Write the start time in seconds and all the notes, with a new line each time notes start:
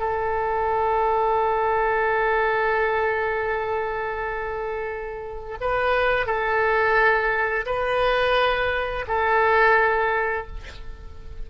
0.00 A4
5.61 B4
6.26 A4
7.66 B4
9.08 A4